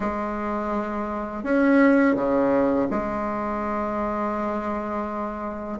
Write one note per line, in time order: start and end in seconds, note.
0.00 1.43 G#3
1.43 2.15 C#4
2.15 2.87 C#3
2.90 5.79 G#3